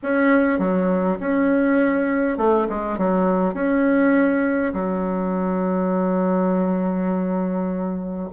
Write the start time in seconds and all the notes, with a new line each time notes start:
0.03 C#4
0.58 F#3
1.20 C#4
2.37 A3
2.69 G#3
2.98 F#3
3.53 C#4
4.73 F#3